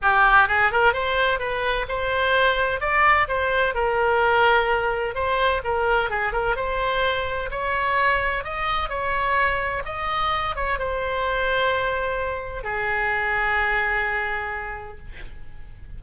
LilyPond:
\new Staff \with { instrumentName = "oboe" } { \time 4/4 \tempo 4 = 128 g'4 gis'8 ais'8 c''4 b'4 | c''2 d''4 c''4 | ais'2. c''4 | ais'4 gis'8 ais'8 c''2 |
cis''2 dis''4 cis''4~ | cis''4 dis''4. cis''8 c''4~ | c''2. gis'4~ | gis'1 | }